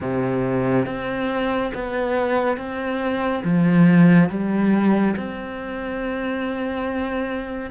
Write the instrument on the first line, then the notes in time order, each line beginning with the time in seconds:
cello
0.00 C3
0.86 C4
1.74 B3
2.57 C4
3.44 F3
4.29 G3
5.16 C4